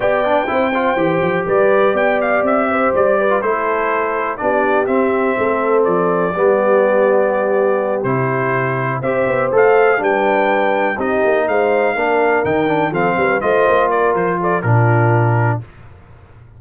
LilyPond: <<
  \new Staff \with { instrumentName = "trumpet" } { \time 4/4 \tempo 4 = 123 g''2. d''4 | g''8 f''8 e''4 d''4 c''4~ | c''4 d''4 e''2 | d''1~ |
d''8 c''2 e''4 f''8~ | f''8 g''2 dis''4 f''8~ | f''4. g''4 f''4 dis''8~ | dis''8 d''8 c''8 d''8 ais'2 | }
  \new Staff \with { instrumentName = "horn" } { \time 4/4 d''4 c''2 b'4 | d''4. c''4 b'8 a'4~ | a'4 g'2 a'4~ | a'4 g'2.~ |
g'2~ g'8 c''4.~ | c''8 b'2 g'4 c''8~ | c''8 ais'2 a'8 b'8 c''8~ | c''8 ais'4 a'8 f'2 | }
  \new Staff \with { instrumentName = "trombone" } { \time 4/4 g'8 d'8 e'8 f'8 g'2~ | g'2~ g'8. f'16 e'4~ | e'4 d'4 c'2~ | c'4 b2.~ |
b8 e'2 g'4 a'8~ | a'8 d'2 dis'4.~ | dis'8 d'4 dis'8 d'8 c'4 f'8~ | f'2 d'2 | }
  \new Staff \with { instrumentName = "tuba" } { \time 4/4 b4 c'4 e8 f8 g4 | b4 c'4 g4 a4~ | a4 b4 c'4 a4 | f4 g2.~ |
g8 c2 c'8 b8 a8~ | a8 g2 c'8 ais8 gis8~ | gis8 ais4 dis4 f8 g8 a8 | ais4 f4 ais,2 | }
>>